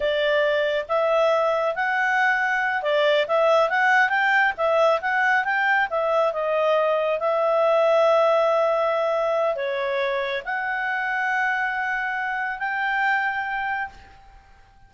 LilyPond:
\new Staff \with { instrumentName = "clarinet" } { \time 4/4 \tempo 4 = 138 d''2 e''2 | fis''2~ fis''8 d''4 e''8~ | e''8 fis''4 g''4 e''4 fis''8~ | fis''8 g''4 e''4 dis''4.~ |
dis''8 e''2.~ e''8~ | e''2 cis''2 | fis''1~ | fis''4 g''2. | }